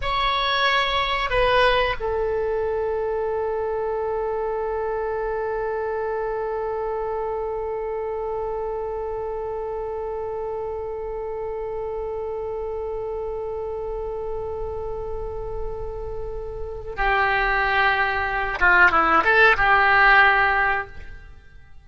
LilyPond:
\new Staff \with { instrumentName = "oboe" } { \time 4/4 \tempo 4 = 92 cis''2 b'4 a'4~ | a'1~ | a'1~ | a'1~ |
a'1~ | a'1~ | a'2 g'2~ | g'8 f'8 e'8 a'8 g'2 | }